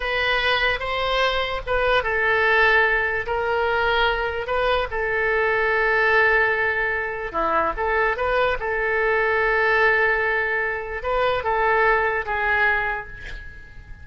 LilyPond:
\new Staff \with { instrumentName = "oboe" } { \time 4/4 \tempo 4 = 147 b'2 c''2 | b'4 a'2. | ais'2. b'4 | a'1~ |
a'2 e'4 a'4 | b'4 a'2.~ | a'2. b'4 | a'2 gis'2 | }